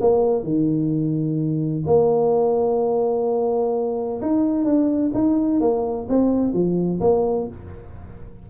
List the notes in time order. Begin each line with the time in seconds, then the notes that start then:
0.00 A#3
0.43 D#3
1.86 A#3
4.21 D#4
4.64 D4
5.13 D#4
5.60 A#3
6.09 C4
6.53 F3
7.00 A#3